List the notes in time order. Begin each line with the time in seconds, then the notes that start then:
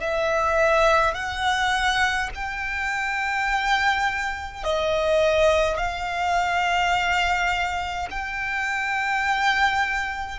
0.00 E5
1.14 F#5
2.34 G5
4.64 D#5
5.77 F5
8.10 G5